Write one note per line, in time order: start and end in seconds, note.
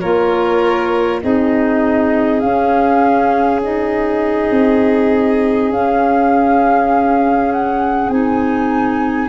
0.00 1.23 A#3
0.00 1.22 F4
0.00 1.21 A#4
0.00 1.20 C#5
1.22 2.43 C4
1.22 2.41 D#4
1.22 9.29 G#4
1.22 2.40 D#5
2.40 3.61 C#4
2.40 4.50 C#4
2.40 3.60 F5
3.63 5.72 D#4
3.63 5.72 D#5
4.50 5.70 C4
5.70 8.09 C#4
5.70 8.10 C#4
5.70 7.52 F5
7.52 8.10 F#5
8.09 9.29 C4
8.09 9.29 D#4
8.09 9.29 G#5